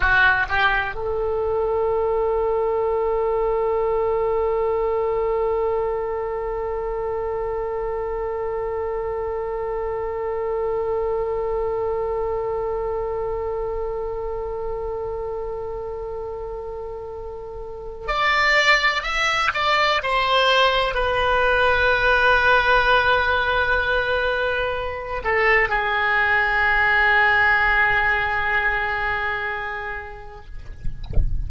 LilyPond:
\new Staff \with { instrumentName = "oboe" } { \time 4/4 \tempo 4 = 63 fis'8 g'8 a'2.~ | a'1~ | a'1~ | a'1~ |
a'2. d''4 | e''8 d''8 c''4 b'2~ | b'2~ b'8 a'8 gis'4~ | gis'1 | }